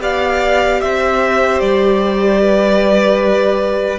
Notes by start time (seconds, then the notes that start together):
0.00 B3 G4 D5 F5
0.81 C4 C5 E5
1.60 G3 D5
2.41 B4